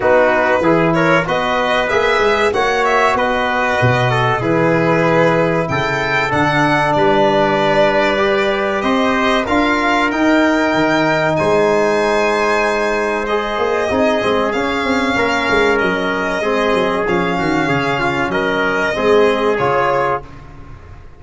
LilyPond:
<<
  \new Staff \with { instrumentName = "violin" } { \time 4/4 \tempo 4 = 95 b'4. cis''8 dis''4 e''4 | fis''8 e''8 dis''2 b'4~ | b'4 g''4 fis''4 d''4~ | d''2 dis''4 f''4 |
g''2 gis''2~ | gis''4 dis''2 f''4~ | f''4 dis''2 f''4~ | f''4 dis''2 cis''4 | }
  \new Staff \with { instrumentName = "trumpet" } { \time 4/4 fis'4 gis'8 ais'8 b'2 | cis''4 b'4. a'8 gis'4~ | gis'4 a'2 b'4~ | b'2 c''4 ais'4~ |
ais'2 c''2~ | c''2 gis'2 | ais'2 gis'4. fis'8 | gis'8 f'8 ais'4 gis'2 | }
  \new Staff \with { instrumentName = "trombone" } { \time 4/4 dis'4 e'4 fis'4 gis'4 | fis'2. e'4~ | e'2 d'2~ | d'4 g'2 f'4 |
dis'1~ | dis'4 gis'4 dis'8 c'8 cis'4~ | cis'2 c'4 cis'4~ | cis'2 c'4 f'4 | }
  \new Staff \with { instrumentName = "tuba" } { \time 4/4 b4 e4 b4 ais8 gis8 | ais4 b4 b,4 e4~ | e4 cis4 d4 g4~ | g2 c'4 d'4 |
dis'4 dis4 gis2~ | gis4. ais8 c'8 gis8 cis'8 c'8 | ais8 gis8 fis4 gis8 fis8 f8 dis8 | cis4 fis4 gis4 cis4 | }
>>